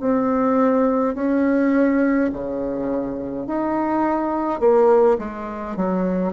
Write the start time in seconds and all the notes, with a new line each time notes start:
0.00 C4
1.15 C#4
2.33 C#3
3.47 D#4
4.60 A#3
5.19 G#3
5.76 F#3